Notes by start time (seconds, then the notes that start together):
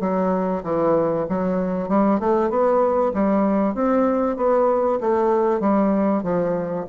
0.00 F#3
0.64 E3
1.29 F#3
1.89 G3
2.20 A3
2.50 B3
3.14 G3
3.75 C4
4.37 B3
5.01 A3
5.61 G3
6.23 F3